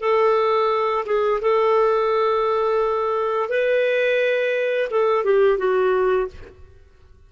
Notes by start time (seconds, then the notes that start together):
0.00 A4
1.06 G#4
1.41 A4
3.49 B4
4.90 A4
5.24 G4
5.58 F#4